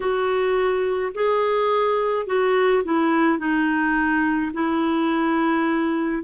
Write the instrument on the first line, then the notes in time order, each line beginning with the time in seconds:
clarinet
0.00 F#4
1.14 G#4
2.26 F#4
2.84 E4
3.38 D#4
4.53 E4